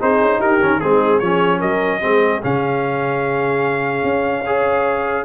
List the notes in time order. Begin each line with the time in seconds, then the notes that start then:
0.00 C4 D#4 G#4 C5
0.21 C#4
0.38 D#4 G4 A#4
0.60 D#3 C#4
0.79 G#3 C4 D#4 G#4
1.19 F3 C#4 G#4 C#5
1.59 F#3 A#4 D#5
2.01 G#3 C4 G#4
2.42 C#3 C#4 F5
4.03 C#4
4.45 G#4 C#5